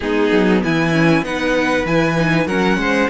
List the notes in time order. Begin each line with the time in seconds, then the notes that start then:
0.00 G#3 B3 D#4 G#4
0.31 F#3
0.64 E3 E4 G#5
0.92 C#4
1.22 B3 D#4 B4 F#5
1.84 E3 E4 G#5
2.16 D#4
2.46 F#3 C#4 A#4 F#5
2.76 G#3 C5